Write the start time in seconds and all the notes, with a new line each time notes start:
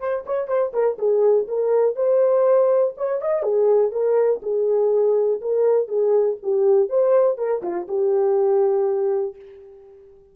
0.00 C5
0.26 C#5
0.48 C5
0.74 A#4
0.98 G#4
1.48 A#4
1.96 C5
2.98 C#5
3.21 D#5
3.43 G#4
3.92 A#4
4.43 G#4
5.41 A#4
5.88 G#4
6.43 G4
6.90 C5
7.38 A#4
7.63 F4
7.88 G4